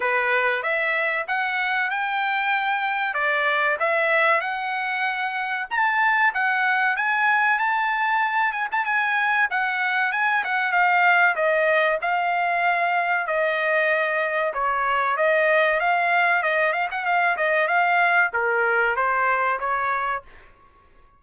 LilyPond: \new Staff \with { instrumentName = "trumpet" } { \time 4/4 \tempo 4 = 95 b'4 e''4 fis''4 g''4~ | g''4 d''4 e''4 fis''4~ | fis''4 a''4 fis''4 gis''4 | a''4. gis''16 a''16 gis''4 fis''4 |
gis''8 fis''8 f''4 dis''4 f''4~ | f''4 dis''2 cis''4 | dis''4 f''4 dis''8 f''16 fis''16 f''8 dis''8 | f''4 ais'4 c''4 cis''4 | }